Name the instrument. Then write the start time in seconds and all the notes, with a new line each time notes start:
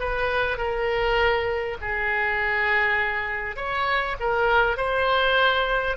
oboe
0.00 B4
0.57 A#4
1.81 G#4
3.56 C#5
4.19 A#4
4.77 C5